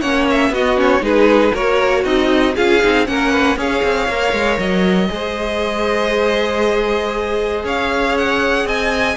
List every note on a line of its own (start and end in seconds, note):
0.00 0.49 A#3
0.00 0.53 C#4
0.00 0.51 C#5
0.00 0.25 F#5
0.30 0.54 E5
0.49 1.00 B3
0.49 0.76 B3
0.49 1.03 F#4
0.49 0.79 D#5
0.76 1.01 C#4
0.76 1.04 C#5
1.01 1.52 G#3
1.01 1.52 D#4
1.01 1.53 G#4
1.01 1.55 B4
1.53 2.04 A#3
1.53 2.56 F#4
1.53 2.03 A#4
1.53 2.04 C#5
2.04 2.55 C4
2.04 2.54 D#4
2.04 2.55 D#5
2.54 2.83 C#4
2.54 2.81 F4
2.54 3.05 G#4
2.54 3.07 F5
2.81 3.08 C4
2.81 3.06 D#4
3.06 3.56 A#3
3.06 3.57 C#4
3.06 3.31 A#4
3.06 3.57 F#5
3.31 3.57 B4
3.56 3.82 C#4
3.56 4.08 G#4
3.56 5.10 C#5
3.56 4.59 F5
3.83 4.08 C4
4.08 4.32 A#3
4.08 5.08 A#4
4.32 4.58 G#3
4.58 5.09 F#3
4.58 7.64 D#5
5.08 7.64 G#3
5.08 9.15 G#4
5.08 7.65 C5
7.64 8.65 C#4
7.64 8.66 C#5
7.64 8.17 F5
8.17 8.67 F#5
8.65 9.16 C4
8.65 9.17 D#5
8.65 9.17 G#5